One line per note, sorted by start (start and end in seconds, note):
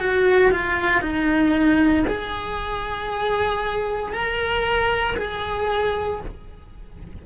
0.00 0.51 F#4
0.51 1.01 F4
1.01 2.05 D#4
2.07 4.13 G#4
4.13 5.16 A#4
5.17 6.20 G#4